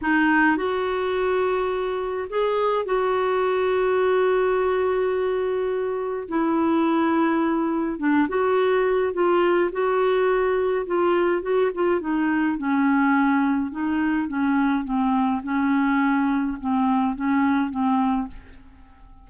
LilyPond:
\new Staff \with { instrumentName = "clarinet" } { \time 4/4 \tempo 4 = 105 dis'4 fis'2. | gis'4 fis'2.~ | fis'2. e'4~ | e'2 d'8 fis'4. |
f'4 fis'2 f'4 | fis'8 f'8 dis'4 cis'2 | dis'4 cis'4 c'4 cis'4~ | cis'4 c'4 cis'4 c'4 | }